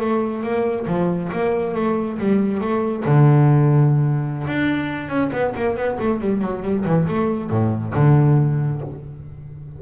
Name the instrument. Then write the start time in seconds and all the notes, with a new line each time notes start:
double bass
0.00 A3
0.43 A#3
0.88 F3
1.33 A#3
1.75 A3
2.19 G3
2.61 A3
3.06 D3
4.48 D4
5.09 C#4
5.32 B3
5.56 A#3
5.76 B3
6.00 A3
6.21 G3
6.42 F#3
6.63 G3
6.86 E3
7.08 A3
7.50 A2
7.95 D3